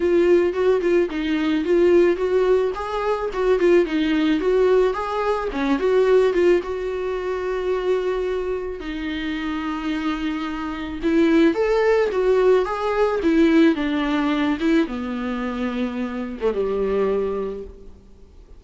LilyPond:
\new Staff \with { instrumentName = "viola" } { \time 4/4 \tempo 4 = 109 f'4 fis'8 f'8 dis'4 f'4 | fis'4 gis'4 fis'8 f'8 dis'4 | fis'4 gis'4 cis'8 fis'4 f'8 | fis'1 |
dis'1 | e'4 a'4 fis'4 gis'4 | e'4 d'4. e'8 b4~ | b4.~ b16 a16 g2 | }